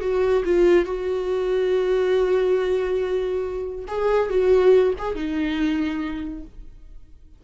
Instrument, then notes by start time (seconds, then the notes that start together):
viola
0.00 F#4
0.44 F4
0.85 F#4
3.87 G#4
4.29 F#4
4.98 G#4
5.15 D#4